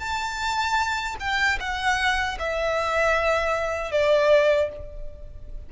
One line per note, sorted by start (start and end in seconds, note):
0.00 1.17 A5
1.20 1.59 G5
1.60 2.38 F#5
2.39 3.92 E5
3.92 4.70 D5